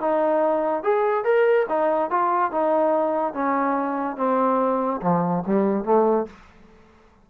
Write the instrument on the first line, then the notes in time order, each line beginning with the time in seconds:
trombone
0.00 D#4
0.83 G#4
1.24 A#4
1.69 D#4
2.10 F4
2.52 D#4
3.33 C#4
4.17 C4
5.01 F3
5.46 G3
5.84 A3